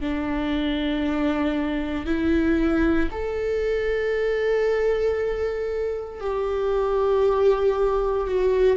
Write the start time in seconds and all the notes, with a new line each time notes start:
0.00 D4
2.05 E4
3.11 A4
6.20 G4
8.27 F#4